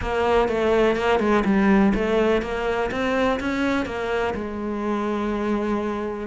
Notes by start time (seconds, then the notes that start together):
0.01 A#3
0.48 A3
0.96 A#3
1.19 G#3
1.44 G3
1.94 A3
2.41 A#3
2.91 C4
3.40 C#4
3.85 A#3
4.34 G#3